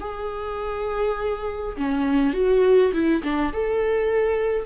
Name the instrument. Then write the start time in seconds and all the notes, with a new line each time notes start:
viola
0.00 G#4
1.77 C#4
2.33 F#4
2.93 E4
3.23 D4
3.53 A4